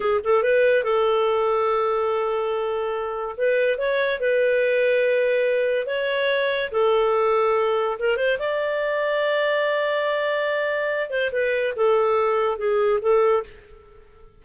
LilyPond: \new Staff \with { instrumentName = "clarinet" } { \time 4/4 \tempo 4 = 143 gis'8 a'8 b'4 a'2~ | a'1 | b'4 cis''4 b'2~ | b'2 cis''2 |
a'2. ais'8 c''8 | d''1~ | d''2~ d''8 c''8 b'4 | a'2 gis'4 a'4 | }